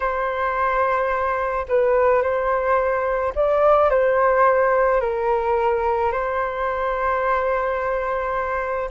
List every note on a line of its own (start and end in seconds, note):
0.00 1.65 C5
1.68 2.22 B4
2.22 3.33 C5
3.35 3.90 D5
3.90 5.00 C5
5.00 6.11 A#4
6.12 8.89 C5